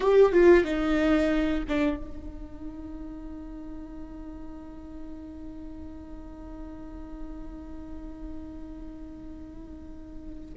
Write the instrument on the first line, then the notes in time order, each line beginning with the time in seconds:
viola
0.00 G4
0.32 F4
0.64 D#4
1.68 D4
1.96 D#4